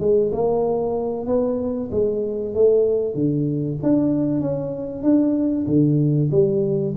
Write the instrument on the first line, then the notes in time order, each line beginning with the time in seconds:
tuba
0.00 G#3
0.33 A#3
1.27 B3
1.92 G#3
2.55 A3
3.15 D3
3.83 D4
4.41 C#4
5.03 D4
5.67 D3
6.32 G3